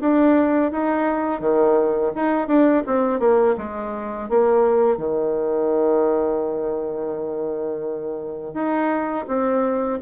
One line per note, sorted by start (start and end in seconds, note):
0.00 0.71 D4
0.71 1.40 D#4
1.40 2.12 D#3
2.15 2.47 D#4
2.47 2.83 D4
2.86 3.19 C4
3.19 3.55 A#3
3.57 4.29 G#3
4.29 4.97 A#3
4.97 8.54 D#3
8.54 9.25 D#4
9.27 9.99 C4